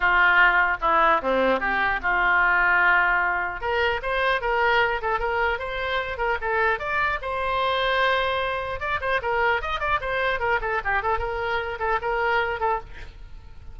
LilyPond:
\new Staff \with { instrumentName = "oboe" } { \time 4/4 \tempo 4 = 150 f'2 e'4 c'4 | g'4 f'2.~ | f'4 ais'4 c''4 ais'4~ | ais'8 a'8 ais'4 c''4. ais'8 |
a'4 d''4 c''2~ | c''2 d''8 c''8 ais'4 | dis''8 d''8 c''4 ais'8 a'8 g'8 a'8 | ais'4. a'8 ais'4. a'8 | }